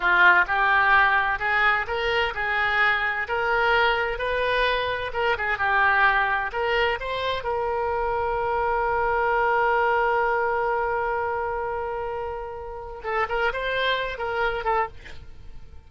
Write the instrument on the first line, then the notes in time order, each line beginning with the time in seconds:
oboe
0.00 F4
0.47 G4
1.39 G#4
1.87 A#4
2.34 G#4
3.27 A#4
4.18 B4
5.13 A#4
5.37 G#4
5.58 G4
6.52 A#4
7.00 C5
7.43 A#4
13.03 A4
13.29 A#4
13.52 C5
14.18 A#4
14.64 A4